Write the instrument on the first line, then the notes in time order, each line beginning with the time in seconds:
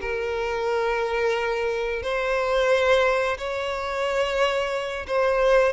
violin
0.00 A#4
2.02 C5
3.37 C#5
5.07 C5